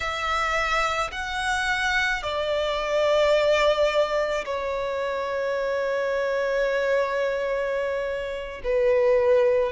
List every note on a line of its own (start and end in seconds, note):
0.00 1.11 E5
1.11 2.22 F#5
2.22 4.44 D5
4.44 8.61 C#5
8.64 9.72 B4